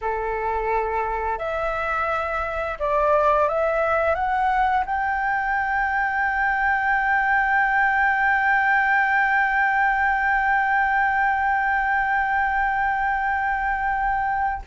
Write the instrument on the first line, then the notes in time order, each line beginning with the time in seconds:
flute
0.01 A4
1.38 E5
2.79 D5
3.48 E5
4.14 F#5
4.85 G5